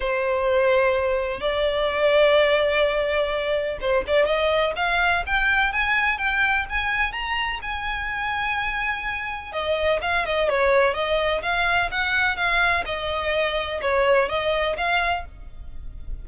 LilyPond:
\new Staff \with { instrumentName = "violin" } { \time 4/4 \tempo 4 = 126 c''2. d''4~ | d''1 | c''8 d''8 dis''4 f''4 g''4 | gis''4 g''4 gis''4 ais''4 |
gis''1 | dis''4 f''8 dis''8 cis''4 dis''4 | f''4 fis''4 f''4 dis''4~ | dis''4 cis''4 dis''4 f''4 | }